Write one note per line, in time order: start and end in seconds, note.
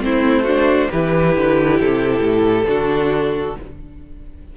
0.00 0.88 A3
0.00 0.44 C4
0.00 0.44 E4
0.00 0.90 C5
0.44 0.91 D4
0.44 0.88 F#4
0.90 1.36 E3
0.90 2.67 E4
0.90 2.66 G4
0.90 1.79 B4
1.36 1.80 D3
1.80 2.19 C3
1.80 3.57 A4
2.19 2.63 A2
2.67 3.56 D3
2.67 3.55 D4
2.67 3.56 F#4